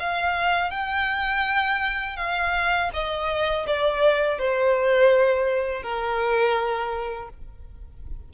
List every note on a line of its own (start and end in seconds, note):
0.00 0.71 F5
0.71 2.17 G5
2.17 2.90 F5
2.94 3.67 D#5
3.67 4.39 D5
4.39 5.83 C5
5.83 7.30 A#4